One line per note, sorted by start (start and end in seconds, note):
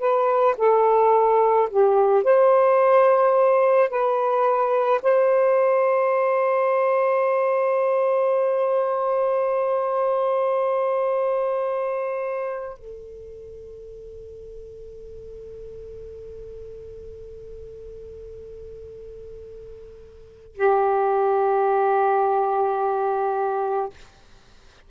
0.00 0.56 B4
0.58 1.69 A4
1.70 2.24 G4
2.24 3.90 C5
3.90 5.02 B4
5.03 12.79 C5
12.79 20.57 A4
20.57 23.90 G4